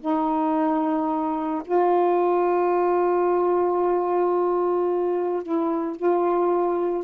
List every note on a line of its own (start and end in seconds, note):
0.00 1.62 D#4
1.65 5.43 F4
5.43 5.96 E4
5.96 7.04 F4